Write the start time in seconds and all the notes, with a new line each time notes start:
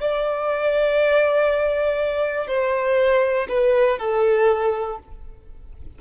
0.00 D5
2.48 C5
3.49 B4
3.99 A4